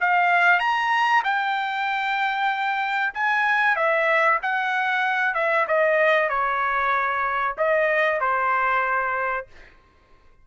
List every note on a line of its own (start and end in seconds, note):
0.00 0.59 F5
0.59 1.22 A#5
1.23 3.13 G5
3.13 3.76 G#5
3.76 4.39 E5
4.42 5.34 F#5
5.34 5.66 E5
5.67 6.29 D#5
6.29 7.55 C#5
7.57 8.20 D#5
8.20 9.47 C5